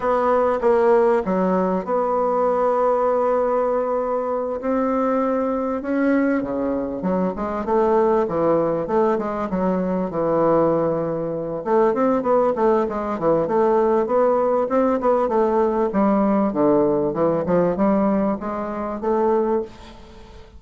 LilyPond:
\new Staff \with { instrumentName = "bassoon" } { \time 4/4 \tempo 4 = 98 b4 ais4 fis4 b4~ | b2.~ b8 c'8~ | c'4. cis'4 cis4 fis8 | gis8 a4 e4 a8 gis8 fis8~ |
fis8 e2~ e8 a8 c'8 | b8 a8 gis8 e8 a4 b4 | c'8 b8 a4 g4 d4 | e8 f8 g4 gis4 a4 | }